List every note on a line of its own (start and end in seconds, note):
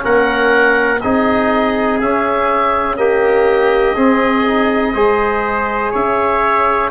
0.00 1.03 A#3
0.00 0.98 C#4
0.00 1.03 A#4
0.00 1.01 F#5
1.01 2.01 C4
1.01 2.02 D#4
1.01 3.00 G#4
1.01 1.99 D#5
2.01 3.96 C#4
2.01 2.96 C#4
2.01 2.97 E5
2.96 3.94 A#3
2.96 3.95 G4
2.96 5.92 D#5
3.95 4.94 C4
3.95 4.46 C4
3.95 4.94 G#4
4.47 4.95 D#4
4.94 5.93 G#3
4.94 6.91 G#4
4.94 5.92 C5
5.92 6.91 C#4
5.92 6.90 C#5
5.92 6.91 E5